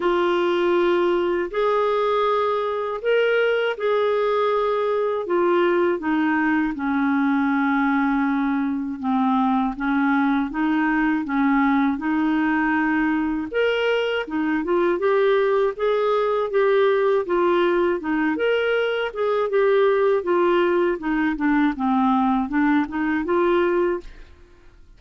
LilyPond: \new Staff \with { instrumentName = "clarinet" } { \time 4/4 \tempo 4 = 80 f'2 gis'2 | ais'4 gis'2 f'4 | dis'4 cis'2. | c'4 cis'4 dis'4 cis'4 |
dis'2 ais'4 dis'8 f'8 | g'4 gis'4 g'4 f'4 | dis'8 ais'4 gis'8 g'4 f'4 | dis'8 d'8 c'4 d'8 dis'8 f'4 | }